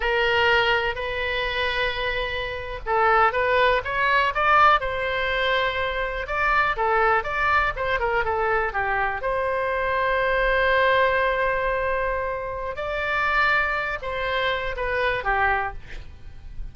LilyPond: \new Staff \with { instrumentName = "oboe" } { \time 4/4 \tempo 4 = 122 ais'2 b'2~ | b'4.~ b'16 a'4 b'4 cis''16~ | cis''8. d''4 c''2~ c''16~ | c''8. d''4 a'4 d''4 c''16~ |
c''16 ais'8 a'4 g'4 c''4~ c''16~ | c''1~ | c''2 d''2~ | d''8 c''4. b'4 g'4 | }